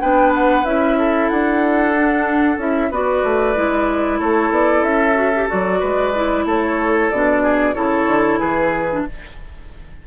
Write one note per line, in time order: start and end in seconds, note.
0.00 0.65 B3
0.00 0.65 D4
0.00 0.97 B4
0.00 0.32 G5
0.34 0.65 F#5
0.65 1.29 C#4
0.65 1.94 E4
0.65 1.29 E5
0.98 2.90 A4
1.29 2.57 D4
1.29 2.58 F#5
1.95 2.58 D4
2.57 2.89 C#4
2.57 2.90 E4
2.57 2.92 E5
2.90 3.22 B3
2.90 3.55 F#4
2.90 4.19 B4
2.90 4.19 D5
3.23 3.55 A3
3.55 4.19 G#3
3.55 5.15 E4
4.19 4.50 A3
4.19 5.79 A4
4.19 4.52 C#5
4.50 4.81 B3
4.50 4.83 D5
4.81 5.46 C#4
4.81 5.47 E5
5.15 5.31 F#4
5.35 5.48 G4
5.48 5.82 F#3
5.48 6.13 F#4
5.48 6.46 D5
5.79 6.45 G#3
5.79 6.44 B4
6.15 7.11 E4
6.45 7.09 A3
6.45 7.42 A4
6.45 7.10 C#5
7.10 7.75 B2
7.10 7.74 D4
7.10 7.74 D5
7.42 7.74 G#4
7.74 8.06 C#3
7.74 8.87 E4
7.74 8.39 A4
7.74 8.38 C#5
8.06 8.38 D3
8.39 9.05 E3
8.39 9.04 G#4
8.39 9.03 B4
8.90 9.07 D4